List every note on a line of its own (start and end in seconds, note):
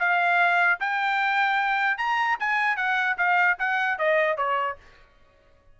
0.00 0.80 F5
0.80 1.98 G5
1.98 2.38 A#5
2.40 2.77 G#5
2.77 3.17 F#5
3.18 3.58 F5
3.59 3.99 F#5
3.99 4.37 D#5
4.37 4.77 C#5